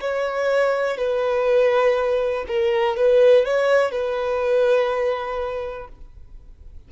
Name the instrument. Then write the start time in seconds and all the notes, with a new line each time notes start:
violin
0.00 C#5
0.97 B4
2.48 A#4
2.96 B4
3.45 C#5
3.91 B4